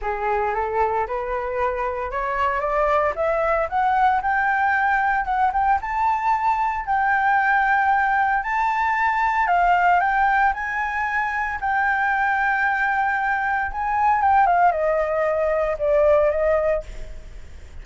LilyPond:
\new Staff \with { instrumentName = "flute" } { \time 4/4 \tempo 4 = 114 gis'4 a'4 b'2 | cis''4 d''4 e''4 fis''4 | g''2 fis''8 g''8 a''4~ | a''4 g''2. |
a''2 f''4 g''4 | gis''2 g''2~ | g''2 gis''4 g''8 f''8 | dis''2 d''4 dis''4 | }